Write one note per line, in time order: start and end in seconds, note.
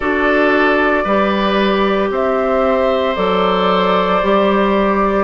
0.00 1.05 D4
0.00 1.06 F#4
0.00 1.04 A4
0.00 2.10 D5
1.04 2.10 G3
1.04 3.16 G4
1.04 2.09 B4
2.10 3.15 C4
2.10 5.24 C5
2.10 3.15 E5
3.15 4.21 F#3
3.15 4.21 A4
3.15 5.24 D5
4.22 5.24 G3
4.22 5.24 G4